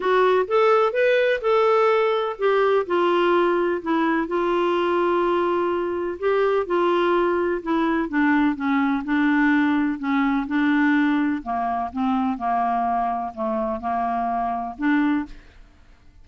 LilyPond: \new Staff \with { instrumentName = "clarinet" } { \time 4/4 \tempo 4 = 126 fis'4 a'4 b'4 a'4~ | a'4 g'4 f'2 | e'4 f'2.~ | f'4 g'4 f'2 |
e'4 d'4 cis'4 d'4~ | d'4 cis'4 d'2 | ais4 c'4 ais2 | a4 ais2 d'4 | }